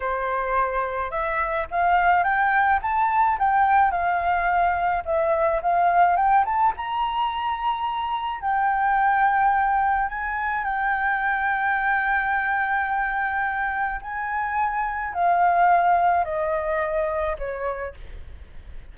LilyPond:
\new Staff \with { instrumentName = "flute" } { \time 4/4 \tempo 4 = 107 c''2 e''4 f''4 | g''4 a''4 g''4 f''4~ | f''4 e''4 f''4 g''8 a''8 | ais''2. g''4~ |
g''2 gis''4 g''4~ | g''1~ | g''4 gis''2 f''4~ | f''4 dis''2 cis''4 | }